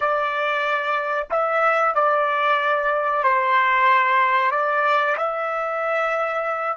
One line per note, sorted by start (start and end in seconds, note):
0.00 1.28 D5
1.30 1.94 E5
1.94 3.23 D5
3.23 4.51 C5
4.51 5.16 D5
5.17 6.77 E5